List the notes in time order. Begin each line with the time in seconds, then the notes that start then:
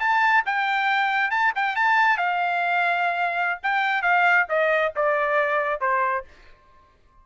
0.00 A5
0.46 G5
1.31 A5
1.55 G5
1.76 A5
2.17 F5
3.63 G5
4.02 F5
4.49 D#5
4.96 D5
5.81 C5